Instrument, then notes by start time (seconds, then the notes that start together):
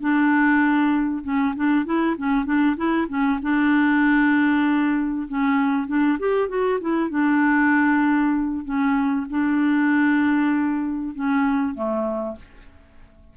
clarinet
0.00 D4
1.23 C#4
1.56 D4
1.85 E4
2.17 C#4
2.45 D4
2.76 E4
3.08 C#4
3.42 D4
5.28 C#4
5.87 D4
6.19 G4
6.48 F#4
6.80 E4
7.10 D4
8.65 C#4
9.30 D4
11.15 C#4
11.74 A3